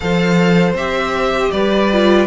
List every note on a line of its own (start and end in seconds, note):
0.00 0.73 F3
0.00 0.76 A4
0.00 1.52 C5
0.00 0.73 F5
0.73 1.49 C4
0.73 1.91 G4
0.73 1.51 E5
1.51 2.27 G3
1.51 2.27 B4
1.51 2.27 D5
1.92 2.27 F4